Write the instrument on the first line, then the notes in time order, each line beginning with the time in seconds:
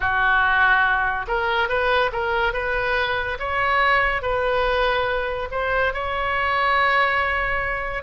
oboe
0.00 F#4
1.27 A#4
1.68 B4
2.12 A#4
2.53 B4
3.39 C#5
4.22 B4
5.51 C5
5.93 C#5